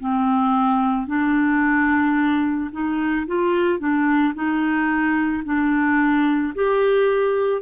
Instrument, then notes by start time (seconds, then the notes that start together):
clarinet
0.00 C4
1.07 D4
2.72 D#4
3.27 F4
3.79 D4
4.35 D#4
5.45 D4
6.55 G4